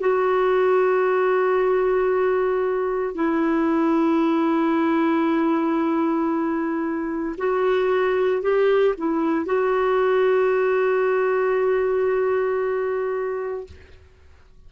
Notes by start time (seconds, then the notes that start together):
0.00 F#4
3.14 E4
7.37 F#4
8.42 G4
8.97 E4
9.45 F#4